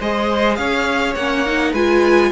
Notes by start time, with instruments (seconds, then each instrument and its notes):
0.00 cello G#3, viola G#4, violin C5 D#5
0.56 cello C#4, violin C#5 F5
1.15 cello A#3, viola C#4, violin F#5
1.46 viola D#4
1.72 cello G#3, viola F4, violin B4 G#5